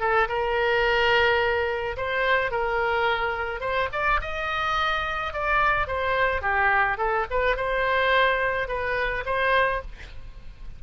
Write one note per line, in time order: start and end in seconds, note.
0.00 0.28 A4
0.28 1.97 A#4
1.97 2.51 C5
2.51 3.60 A#4
3.60 3.88 C5
3.92 4.20 D5
4.21 5.33 D#5
5.33 5.87 D5
5.87 6.42 C5
6.42 6.98 G4
6.98 7.26 A4
7.30 7.56 B4
7.56 8.68 C5
8.68 9.24 B4
9.25 9.82 C5